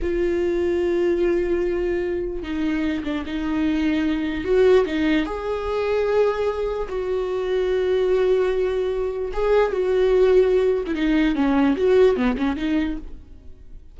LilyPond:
\new Staff \with { instrumentName = "viola" } { \time 4/4 \tempo 4 = 148 f'1~ | f'2 dis'4. d'8 | dis'2. fis'4 | dis'4 gis'2.~ |
gis'4 fis'2.~ | fis'2. gis'4 | fis'2~ fis'8. e'16 dis'4 | cis'4 fis'4 b8 cis'8 dis'4 | }